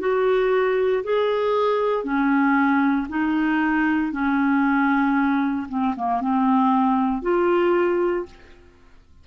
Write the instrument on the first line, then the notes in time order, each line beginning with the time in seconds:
clarinet
0.00 F#4
1.04 G#4
2.04 C#4
3.09 D#4
4.12 C#4
5.69 C4
5.97 A#3
6.21 C4
7.22 F4